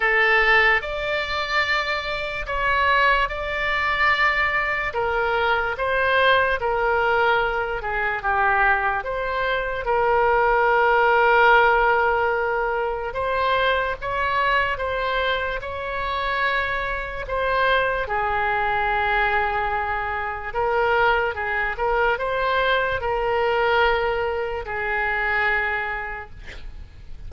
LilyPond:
\new Staff \with { instrumentName = "oboe" } { \time 4/4 \tempo 4 = 73 a'4 d''2 cis''4 | d''2 ais'4 c''4 | ais'4. gis'8 g'4 c''4 | ais'1 |
c''4 cis''4 c''4 cis''4~ | cis''4 c''4 gis'2~ | gis'4 ais'4 gis'8 ais'8 c''4 | ais'2 gis'2 | }